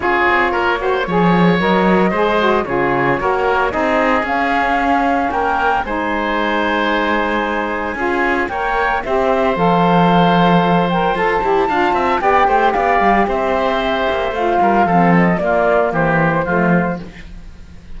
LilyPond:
<<
  \new Staff \with { instrumentName = "flute" } { \time 4/4 \tempo 4 = 113 cis''2. dis''4~ | dis''4 cis''2 dis''4 | f''2 g''4 gis''4~ | gis''1 |
g''4 e''4 f''2~ | f''8 g''8 a''2 g''4 | f''4 e''2 f''4~ | f''8 dis''8 d''4 c''2 | }
  \new Staff \with { instrumentName = "oboe" } { \time 4/4 gis'4 ais'8 c''8 cis''2 | c''4 gis'4 ais'4 gis'4~ | gis'2 ais'4 c''4~ | c''2. gis'4 |
cis''4 c''2.~ | c''2 f''8 e''8 d''8 c''8 | d''4 c''2~ c''8 ais'8 | a'4 f'4 g'4 f'4 | }
  \new Staff \with { instrumentName = "saxophone" } { \time 4/4 f'4. fis'8 gis'4 ais'4 | gis'8 fis'8 f'4 fis'4 dis'4 | cis'2. dis'4~ | dis'2. f'4 |
ais'4 g'4 a'2~ | a'8 ais'8 a'8 g'8 f'4 g'4~ | g'2. f'4 | c'4 ais2 a4 | }
  \new Staff \with { instrumentName = "cello" } { \time 4/4 cis'8 c'8 ais4 f4 fis4 | gis4 cis4 ais4 c'4 | cis'2 ais4 gis4~ | gis2. cis'4 |
ais4 c'4 f2~ | f4 f'8 e'8 d'8 c'8 b8 a8 | b8 g8 c'4. ais8 a8 g8 | f4 ais4 e4 f4 | }
>>